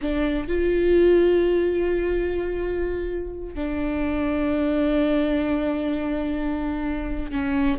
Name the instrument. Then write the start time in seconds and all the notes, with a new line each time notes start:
viola
0.01 D4
0.48 F4
3.54 D4
7.31 C#4